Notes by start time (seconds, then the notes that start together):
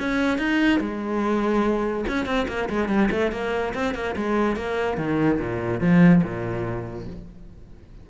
0.00 C#4
0.39 D#4
0.81 G#3
2.09 C#4
2.26 C4
2.49 A#3
2.70 G#3
2.89 G3
3.12 A3
3.32 A#3
3.75 C4
3.95 A#3
4.16 G#3
4.56 A#3
4.98 D#3
5.40 A#2
5.81 F3
6.24 A#2